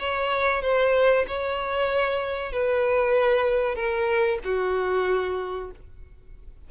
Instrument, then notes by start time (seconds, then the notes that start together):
violin
0.00 C#5
0.63 C5
1.28 C#5
2.53 B4
3.76 A#4
4.45 F#4